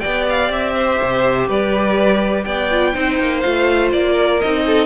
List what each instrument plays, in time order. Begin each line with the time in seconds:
0.00 cello B3, viola G4, violin D5 G5
0.30 violin F5
0.50 cello C4, violin E5
0.76 violin C5
1.02 cello C3
1.48 cello G3, violin B4 D5
2.44 cello B3, violin D5 G5
2.71 viola F4
2.93 cello C4, viola D#4, violin C5
3.20 cello A#3
3.41 cello A3, viola F4, violin F5
3.92 cello A#3, violin D5
4.12 violin A#4
4.41 cello C4, viola D#4, violin D#5
4.66 violin A4